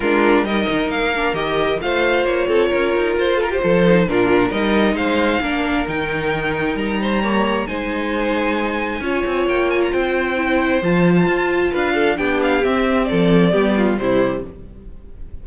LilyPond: <<
  \new Staff \with { instrumentName = "violin" } { \time 4/4 \tempo 4 = 133 ais'4 dis''4 f''4 dis''4 | f''4 cis''2 c''8 ais'16 c''16~ | c''4 ais'4 dis''4 f''4~ | f''4 g''2 ais''4~ |
ais''4 gis''2.~ | gis''4 g''8 gis''16 ais''16 g''2 | a''2 f''4 g''8 f''8 | e''4 d''2 c''4 | }
  \new Staff \with { instrumentName = "violin" } { \time 4/4 f'4 ais'2. | c''4. a'8 ais'4. a'16 g'16 | a'4 f'4 ais'4 c''4 | ais'2.~ ais'8 c''8 |
cis''4 c''2. | cis''2 c''2~ | c''2 b'8 a'8 g'4~ | g'4 a'4 g'8 f'8 e'4 | }
  \new Staff \with { instrumentName = "viola" } { \time 4/4 d'4 dis'4. d'8 g'4 | f'1~ | f'8 dis'8 d'4 dis'2 | d'4 dis'2. |
ais4 dis'2. | f'2. e'4 | f'2. d'4 | c'2 b4 g4 | }
  \new Staff \with { instrumentName = "cello" } { \time 4/4 gis4 g8 dis8 ais4 dis4 | a4 ais8 c'8 cis'8 dis'8 f'4 | f4 ais,4 g4 gis4 | ais4 dis2 g4~ |
g4 gis2. | cis'8 c'8 ais4 c'2 | f4 f'4 d'4 b4 | c'4 f4 g4 c4 | }
>>